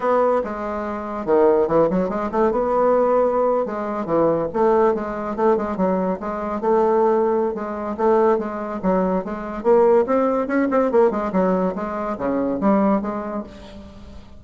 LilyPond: \new Staff \with { instrumentName = "bassoon" } { \time 4/4 \tempo 4 = 143 b4 gis2 dis4 | e8 fis8 gis8 a8 b2~ | b8. gis4 e4 a4 gis16~ | gis8. a8 gis8 fis4 gis4 a16~ |
a2 gis4 a4 | gis4 fis4 gis4 ais4 | c'4 cis'8 c'8 ais8 gis8 fis4 | gis4 cis4 g4 gis4 | }